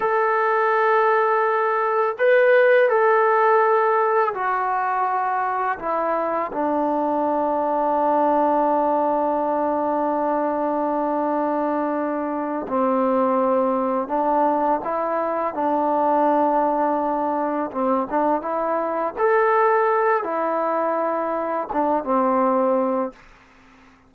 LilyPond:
\new Staff \with { instrumentName = "trombone" } { \time 4/4 \tempo 4 = 83 a'2. b'4 | a'2 fis'2 | e'4 d'2.~ | d'1~ |
d'4. c'2 d'8~ | d'8 e'4 d'2~ d'8~ | d'8 c'8 d'8 e'4 a'4. | e'2 d'8 c'4. | }